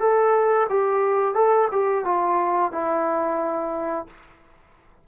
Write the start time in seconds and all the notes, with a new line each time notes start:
0.00 A4
0.70 G4
1.35 A4
1.72 G4
2.05 F4
2.72 E4